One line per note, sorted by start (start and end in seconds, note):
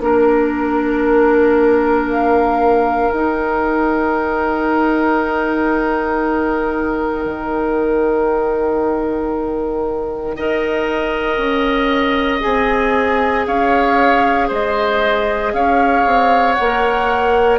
0.00 3.10 A#3
0.00 3.11 D4
0.00 10.36 A#4
0.00 2.10 A#4
2.10 3.11 F5
3.11 7.25 D#4
3.11 10.39 D#4
3.11 12.42 G5
7.25 10.36 D#3
10.36 11.38 D#4
10.36 12.40 A#4
10.36 13.47 D#5
11.38 12.41 C#4
12.40 13.47 C4
12.40 16.54 G#4
12.40 13.46 G#5
13.47 14.50 C#4
13.47 14.48 C#5
13.47 14.50 F5
14.48 15.53 G#3
14.48 15.52 C5
14.48 15.54 D#5
15.53 16.05 C#4
15.53 17.59 C#5
15.53 16.54 F5
16.06 16.58 C4
16.54 17.57 F#5
16.60 17.59 A#3
16.60 17.59 A#4